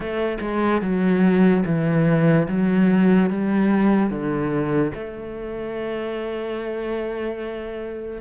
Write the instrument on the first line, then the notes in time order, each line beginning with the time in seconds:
cello
0.00 A3
0.41 G#3
0.81 F#3
1.65 E3
2.48 F#3
3.30 G3
4.09 D3
4.94 A3